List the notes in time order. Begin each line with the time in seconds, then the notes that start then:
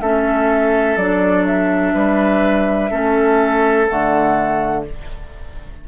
0.00 A3 C#4 A4 E5
0.96 F#3 D4 D5
1.46 E5
1.94 G3 B4
2.90 A3 C#4 A4
3.87 D3 A3 F#5